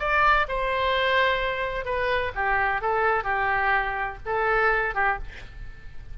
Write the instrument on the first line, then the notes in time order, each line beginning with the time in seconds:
oboe
0.00 D5
0.49 C5
1.85 B4
2.35 G4
2.82 A4
3.24 G4
4.26 A4
4.95 G4